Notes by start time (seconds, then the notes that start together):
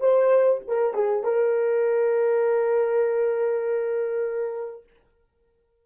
0.00 C5
0.68 A#4
0.94 G#4
1.23 A#4